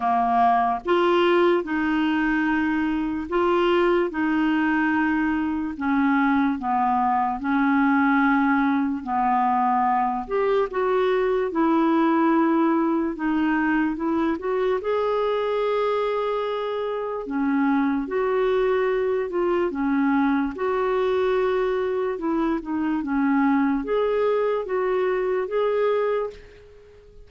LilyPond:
\new Staff \with { instrumentName = "clarinet" } { \time 4/4 \tempo 4 = 73 ais4 f'4 dis'2 | f'4 dis'2 cis'4 | b4 cis'2 b4~ | b8 g'8 fis'4 e'2 |
dis'4 e'8 fis'8 gis'2~ | gis'4 cis'4 fis'4. f'8 | cis'4 fis'2 e'8 dis'8 | cis'4 gis'4 fis'4 gis'4 | }